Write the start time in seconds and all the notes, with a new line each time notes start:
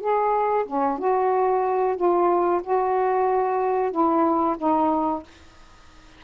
0.00 G#4
0.66 C#4
0.98 F#4
1.96 F4
2.64 F#4
3.91 E4
4.58 D#4